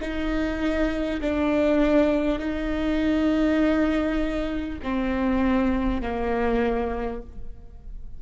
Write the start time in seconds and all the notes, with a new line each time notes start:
0.00 D#4
1.21 D4
2.39 D#4
4.83 C4
6.01 A#3